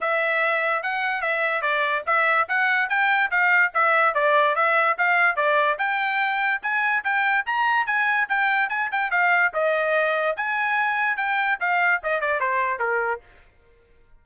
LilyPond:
\new Staff \with { instrumentName = "trumpet" } { \time 4/4 \tempo 4 = 145 e''2 fis''4 e''4 | d''4 e''4 fis''4 g''4 | f''4 e''4 d''4 e''4 | f''4 d''4 g''2 |
gis''4 g''4 ais''4 gis''4 | g''4 gis''8 g''8 f''4 dis''4~ | dis''4 gis''2 g''4 | f''4 dis''8 d''8 c''4 ais'4 | }